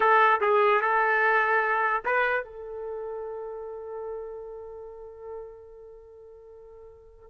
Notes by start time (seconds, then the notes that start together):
0.00 A4
0.40 G#4
0.81 A4
2.05 B4
2.44 A4